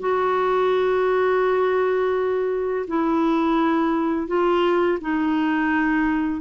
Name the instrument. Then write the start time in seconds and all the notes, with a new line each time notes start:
clarinet
0.00 F#4
2.88 E4
4.27 F4
5.01 D#4